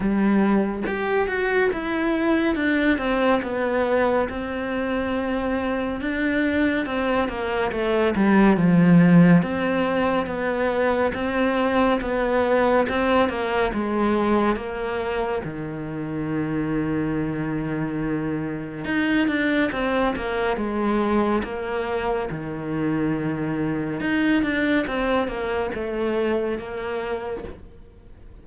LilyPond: \new Staff \with { instrumentName = "cello" } { \time 4/4 \tempo 4 = 70 g4 g'8 fis'8 e'4 d'8 c'8 | b4 c'2 d'4 | c'8 ais8 a8 g8 f4 c'4 | b4 c'4 b4 c'8 ais8 |
gis4 ais4 dis2~ | dis2 dis'8 d'8 c'8 ais8 | gis4 ais4 dis2 | dis'8 d'8 c'8 ais8 a4 ais4 | }